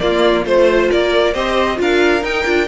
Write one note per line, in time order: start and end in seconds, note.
0.00 0.45 A#3
0.00 0.46 A#3
0.00 0.47 F4
0.00 0.45 D5
0.45 0.90 A3
0.45 1.34 F4
0.45 0.91 C5
0.91 1.35 A#3
0.91 1.34 A#4
0.91 1.34 D5
1.34 1.79 C4
1.34 1.76 G4
1.34 1.79 C5
1.34 1.79 D#5
1.76 2.23 D4
1.76 2.20 F4
1.82 2.68 A#4
1.82 2.24 F5
2.23 2.45 D#4
2.23 2.68 G5
2.45 2.68 D4
2.45 2.68 F4